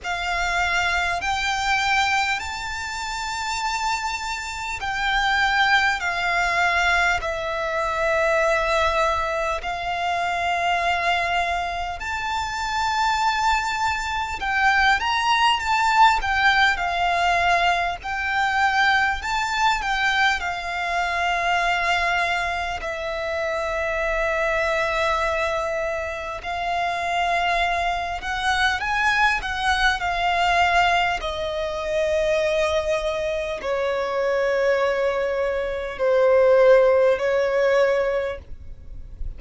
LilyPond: \new Staff \with { instrumentName = "violin" } { \time 4/4 \tempo 4 = 50 f''4 g''4 a''2 | g''4 f''4 e''2 | f''2 a''2 | g''8 ais''8 a''8 g''8 f''4 g''4 |
a''8 g''8 f''2 e''4~ | e''2 f''4. fis''8 | gis''8 fis''8 f''4 dis''2 | cis''2 c''4 cis''4 | }